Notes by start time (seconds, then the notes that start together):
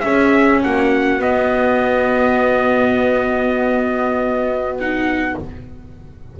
0.00 C#4 G#4 E5
0.63 A#3 F#4 F#5
1.19 B3 D#5
4.79 D#4 F#5